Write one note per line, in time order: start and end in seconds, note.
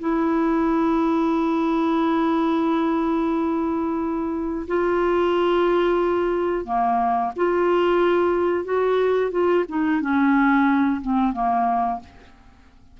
0.00 4.67 E4
4.68 6.65 F4
6.65 7.32 A#3
7.36 8.65 F4
8.65 9.31 F#4
9.31 9.65 F4
9.69 10.01 D#4
10.01 11.01 C#4
11.02 11.33 C4
11.33 12.00 A#3